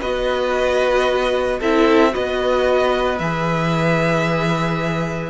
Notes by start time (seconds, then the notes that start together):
0.00 B3 F#4 B4 D#5
1.59 C4 E4 A4 E5
2.10 B3 F#4 B4 D#5
3.18 E3 G#4 E5